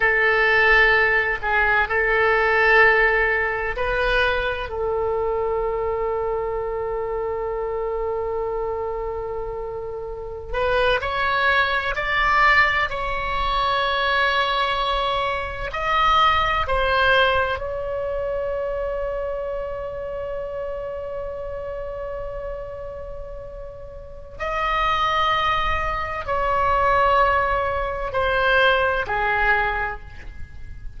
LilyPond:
\new Staff \with { instrumentName = "oboe" } { \time 4/4 \tempo 4 = 64 a'4. gis'8 a'2 | b'4 a'2.~ | a'2.~ a'16 b'8 cis''16~ | cis''8. d''4 cis''2~ cis''16~ |
cis''8. dis''4 c''4 cis''4~ cis''16~ | cis''1~ | cis''2 dis''2 | cis''2 c''4 gis'4 | }